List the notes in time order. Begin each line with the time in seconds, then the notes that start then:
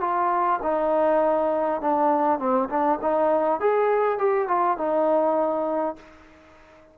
0.00 F4
0.62 D#4
1.81 D4
2.38 C4
2.69 D4
3.02 D#4
3.60 G#4
4.18 G4
4.47 F4
4.77 D#4